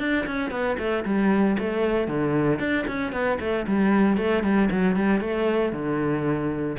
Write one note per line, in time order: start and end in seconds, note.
0.00 0.26 D4
0.27 0.51 C#4
0.51 0.77 B3
0.79 1.05 A3
1.05 1.57 G3
1.59 2.08 A3
2.08 2.60 D3
2.60 2.86 D4
2.87 3.13 C#4
3.13 3.39 B3
3.40 3.66 A3
3.68 4.18 G3
4.18 4.43 A3
4.43 4.70 G3
4.71 4.96 F#3
4.96 5.21 G3
5.21 5.73 A3
5.73 6.77 D3